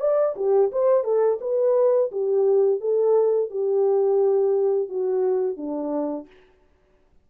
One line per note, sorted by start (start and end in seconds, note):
0.00 0.35 D5
0.36 0.71 G4
0.72 1.04 C5
1.04 1.39 A4
1.41 2.11 B4
2.12 2.81 G4
2.81 3.50 A4
3.50 4.89 G4
4.89 5.57 F#4
5.57 6.27 D4